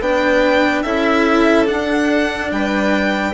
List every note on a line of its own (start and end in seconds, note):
0.00 0.83 B3
0.00 0.85 D4
0.00 0.83 B4
0.00 0.82 G5
0.82 1.68 C#4
0.82 1.65 E4
0.82 2.50 A4
0.82 1.66 E5
1.65 3.32 D4
1.65 2.52 D4
1.65 2.51 F#5
2.52 3.34 G3
2.52 3.34 B4
2.52 3.34 G5